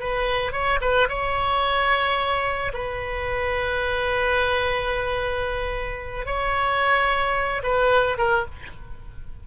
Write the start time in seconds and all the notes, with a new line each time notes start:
0.00 B4
0.53 C#5
0.81 B4
1.09 C#5
2.74 B4
6.26 C#5
7.63 B4
8.18 A#4